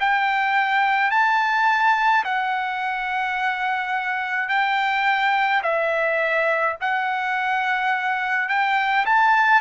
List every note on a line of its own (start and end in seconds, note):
0.00 1.11 G5
1.11 2.24 A5
2.25 4.49 F#5
4.49 5.62 G5
5.63 6.76 E5
6.81 8.49 F#5
8.49 9.05 G5
9.06 9.61 A5